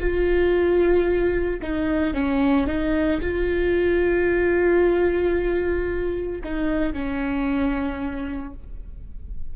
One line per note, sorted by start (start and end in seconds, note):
0.00 1.61 F4
1.62 2.14 D#4
2.14 2.67 C#4
2.67 3.21 D#4
3.21 6.42 F4
6.44 6.93 D#4
6.93 8.54 C#4